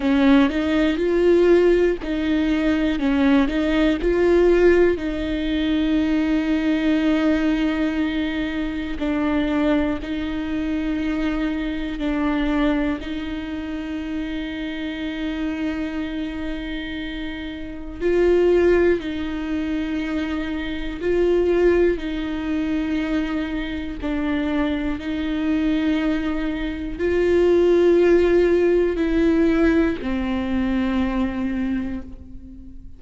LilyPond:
\new Staff \with { instrumentName = "viola" } { \time 4/4 \tempo 4 = 60 cis'8 dis'8 f'4 dis'4 cis'8 dis'8 | f'4 dis'2.~ | dis'4 d'4 dis'2 | d'4 dis'2.~ |
dis'2 f'4 dis'4~ | dis'4 f'4 dis'2 | d'4 dis'2 f'4~ | f'4 e'4 c'2 | }